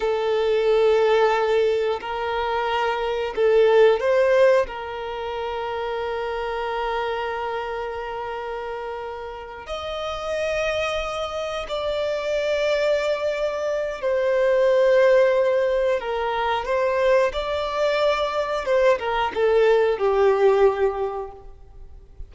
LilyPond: \new Staff \with { instrumentName = "violin" } { \time 4/4 \tempo 4 = 90 a'2. ais'4~ | ais'4 a'4 c''4 ais'4~ | ais'1~ | ais'2~ ais'8 dis''4.~ |
dis''4. d''2~ d''8~ | d''4 c''2. | ais'4 c''4 d''2 | c''8 ais'8 a'4 g'2 | }